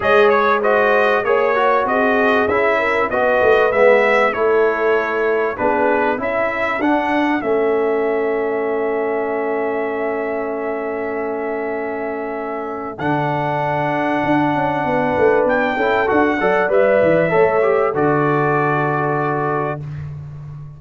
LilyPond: <<
  \new Staff \with { instrumentName = "trumpet" } { \time 4/4 \tempo 4 = 97 dis''8 cis''8 dis''4 cis''4 dis''4 | e''4 dis''4 e''4 cis''4~ | cis''4 b'4 e''4 fis''4 | e''1~ |
e''1~ | e''4 fis''2.~ | fis''4 g''4 fis''4 e''4~ | e''4 d''2. | }
  \new Staff \with { instrumentName = "horn" } { \time 4/4 cis''4 c''4 cis''4 gis'4~ | gis'8 ais'8 b'2 a'4~ | a'4 gis'4 a'2~ | a'1~ |
a'1~ | a'1 | b'4. a'4 d''4. | cis''4 a'2. | }
  \new Staff \with { instrumentName = "trombone" } { \time 4/4 gis'4 fis'4 gis'8 fis'4. | e'4 fis'4 b4 e'4~ | e'4 d'4 e'4 d'4 | cis'1~ |
cis'1~ | cis'4 d'2.~ | d'4. e'8 fis'8 a'8 b'4 | a'8 g'8 fis'2. | }
  \new Staff \with { instrumentName = "tuba" } { \time 4/4 gis2 ais4 c'4 | cis'4 b8 a8 gis4 a4~ | a4 b4 cis'4 d'4 | a1~ |
a1~ | a4 d2 d'8 cis'8 | b8 a8 b8 cis'8 d'8 fis8 g8 e8 | a4 d2. | }
>>